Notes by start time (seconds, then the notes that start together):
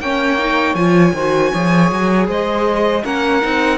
0.00 A#3 C#4 C#5 G5
0.38 D#4
0.75 F3 F4 G#5
1.13 D#3 F#4 C5
1.51 F3 G#4 C#5
1.91 F#3
2.28 G#3 C5 D#5
3.03 A#3 C#4 A#4 F#5
3.41 C4 D#4